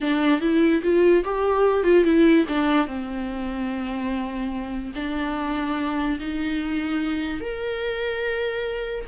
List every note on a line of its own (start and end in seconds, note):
0.01 0.41 D4
0.41 0.82 E4
0.82 1.23 F4
1.24 1.83 G4
1.83 2.03 F4
2.03 2.45 E4
2.48 2.86 D4
2.86 4.92 C4
4.95 6.18 D4
6.19 7.40 D#4
7.40 9.04 A#4